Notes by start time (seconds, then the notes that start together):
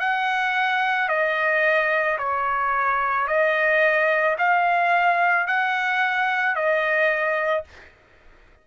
0.00 F#5
1.09 D#5
2.18 C#5
3.27 D#5
4.38 F5
5.47 F#5
6.55 D#5